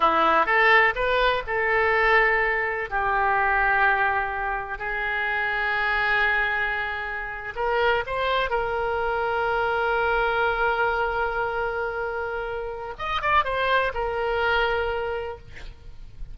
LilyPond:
\new Staff \with { instrumentName = "oboe" } { \time 4/4 \tempo 4 = 125 e'4 a'4 b'4 a'4~ | a'2 g'2~ | g'2 gis'2~ | gis'2.~ gis'8. ais'16~ |
ais'8. c''4 ais'2~ ais'16~ | ais'1~ | ais'2. dis''8 d''8 | c''4 ais'2. | }